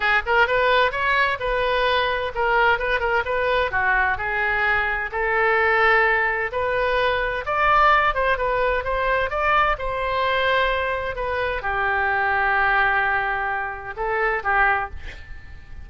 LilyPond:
\new Staff \with { instrumentName = "oboe" } { \time 4/4 \tempo 4 = 129 gis'8 ais'8 b'4 cis''4 b'4~ | b'4 ais'4 b'8 ais'8 b'4 | fis'4 gis'2 a'4~ | a'2 b'2 |
d''4. c''8 b'4 c''4 | d''4 c''2. | b'4 g'2.~ | g'2 a'4 g'4 | }